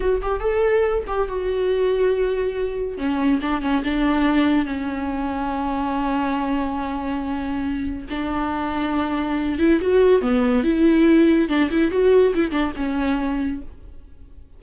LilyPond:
\new Staff \with { instrumentName = "viola" } { \time 4/4 \tempo 4 = 141 fis'8 g'8 a'4. g'8 fis'4~ | fis'2. cis'4 | d'8 cis'8 d'2 cis'4~ | cis'1~ |
cis'2. d'4~ | d'2~ d'8 e'8 fis'4 | b4 e'2 d'8 e'8 | fis'4 e'8 d'8 cis'2 | }